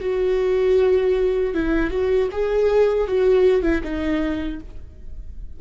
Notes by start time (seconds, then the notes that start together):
0.00 F#4
1.54 E4
1.90 F#4
2.31 G#4
3.08 F#4
3.62 E4
3.83 D#4